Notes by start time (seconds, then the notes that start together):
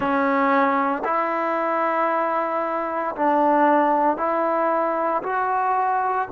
0.00 C#4
1.04 E4
3.15 D4
4.17 E4
5.22 F#4